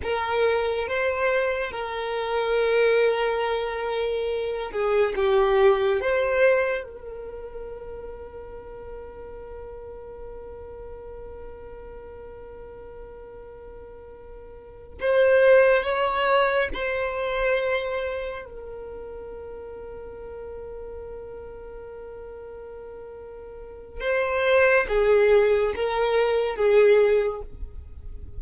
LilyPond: \new Staff \with { instrumentName = "violin" } { \time 4/4 \tempo 4 = 70 ais'4 c''4 ais'2~ | ais'4. gis'8 g'4 c''4 | ais'1~ | ais'1~ |
ais'4. c''4 cis''4 c''8~ | c''4. ais'2~ ais'8~ | ais'1 | c''4 gis'4 ais'4 gis'4 | }